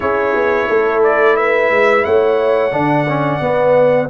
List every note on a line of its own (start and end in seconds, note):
0.00 0.34 C#4
0.00 2.70 E4
0.00 0.68 G#4
0.00 1.02 C#5
0.34 0.68 B3
0.68 1.71 A3
0.68 1.36 A4
1.03 1.36 D5
1.36 2.05 B4
1.36 2.04 E5
1.71 2.05 G#3
2.05 2.72 A3
2.05 2.73 C#5
2.05 4.09 F#5
2.71 3.40 D3
2.71 3.06 D4
2.71 4.09 D5
3.08 3.40 C#4
3.40 4.08 B3